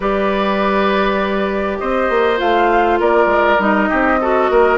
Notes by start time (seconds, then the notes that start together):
0.00 G3 G4 B4 D5
1.78 C4 C5 D#5
2.09 A#3
2.37 A3 F4 F5
2.99 A#3 A#4 D5
3.26 G#3
3.58 G3 D#4 D#5
3.89 C4 G4
4.20 F#4 A4
4.50 A#3 A#4